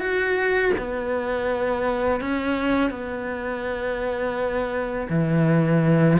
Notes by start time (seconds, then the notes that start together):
0.00 F#4
0.78 B3
2.21 C#4
2.91 B3
5.10 E3